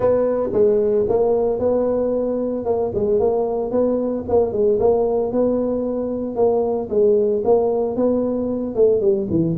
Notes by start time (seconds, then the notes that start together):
0.00 B3
0.52 G#3
1.08 A#3
1.59 B3
2.65 A#3
2.94 G#3
3.19 A#3
3.71 B3
4.28 A#3
4.52 G#3
4.79 A#3
5.32 B3
6.35 A#3
6.89 G#3
7.44 A#3
7.95 B3
8.75 A3
9.00 G3
9.29 E3